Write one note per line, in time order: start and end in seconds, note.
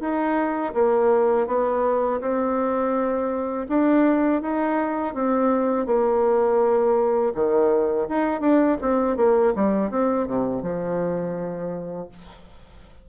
0.00 0.73 D#4
0.74 1.47 A#3
1.47 2.20 B3
2.20 3.67 C4
3.68 4.41 D4
4.41 5.14 D#4
5.14 5.86 C4
5.86 7.32 A#3
7.34 8.08 D#3
8.08 8.40 D#4
8.40 8.77 D4
8.81 9.17 C4
9.17 9.53 A#3
9.55 9.90 G3
9.90 10.27 C4
10.27 10.62 C3
10.62 12.09 F3